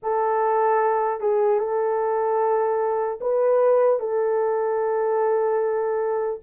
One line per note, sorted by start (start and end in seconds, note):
0.02 1.20 A4
1.20 1.59 G#4
1.59 3.19 A4
3.20 3.99 B4
3.99 6.39 A4